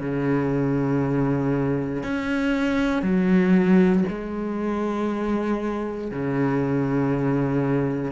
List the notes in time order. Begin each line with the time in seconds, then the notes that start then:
0.00 C#3
2.03 C#4
3.03 F#3
4.09 G#3
6.11 C#3